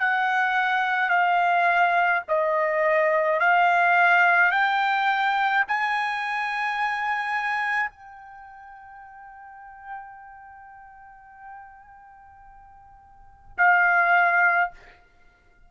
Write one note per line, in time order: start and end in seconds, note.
0.00 1.10 F#5
1.10 2.23 F5
2.28 3.40 D#5
3.40 4.51 F5
4.51 5.64 G5
5.68 7.90 G#5
7.90 13.56 G5
13.58 14.71 F5